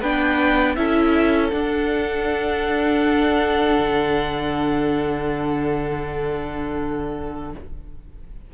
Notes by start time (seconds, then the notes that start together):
0.00 B3 D4 B4 G5
0.75 C#4 E4 A4 E5
1.50 D4 F#5
3.79 D3